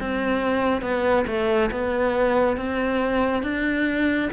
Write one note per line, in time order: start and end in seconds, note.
0.00 0.82 C4
0.82 1.25 B3
1.27 1.70 A3
1.72 2.57 B3
2.57 3.43 C4
3.43 4.30 D4